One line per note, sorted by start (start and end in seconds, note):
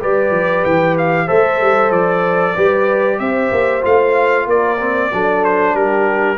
0.00 0.30 G3
0.00 1.27 G4
0.00 1.27 B4
0.00 0.64 D5
0.30 0.62 F3
0.64 1.29 E3
0.64 0.96 G5
0.98 1.28 F5
1.27 1.61 A3
1.27 2.55 A4
1.27 2.54 C5
1.27 1.92 E5
1.61 1.90 G3
1.90 2.54 F3
1.90 3.19 D5
2.55 3.19 G3
2.55 3.81 G4
2.55 3.19 B4
3.19 3.51 C4
3.19 4.47 C5
3.19 3.83 E5
3.51 3.83 A#3
3.81 4.47 A3
3.81 4.77 F4
3.81 4.49 F5
4.47 5.11 A#3
4.47 5.11 A#4
4.47 5.44 D5
4.79 5.11 C4
5.13 5.73 F#3
5.13 6.37 D4
5.13 5.75 A4
5.44 5.75 C5
5.73 6.37 G3
5.73 6.37 G4
5.73 6.37 A#4